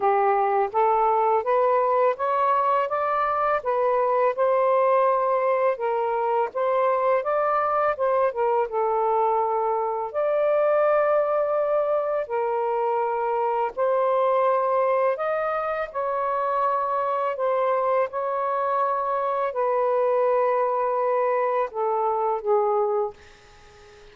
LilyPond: \new Staff \with { instrumentName = "saxophone" } { \time 4/4 \tempo 4 = 83 g'4 a'4 b'4 cis''4 | d''4 b'4 c''2 | ais'4 c''4 d''4 c''8 ais'8 | a'2 d''2~ |
d''4 ais'2 c''4~ | c''4 dis''4 cis''2 | c''4 cis''2 b'4~ | b'2 a'4 gis'4 | }